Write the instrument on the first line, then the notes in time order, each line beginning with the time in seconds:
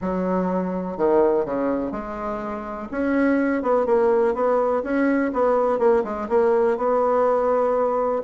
bassoon
0.01 F#3
0.97 D#3
1.45 C#3
1.91 G#3
2.91 C#4
3.62 B3
3.86 A#3
4.34 B3
4.83 C#4
5.33 B3
5.78 A#3
6.04 G#3
6.28 A#3
6.77 B3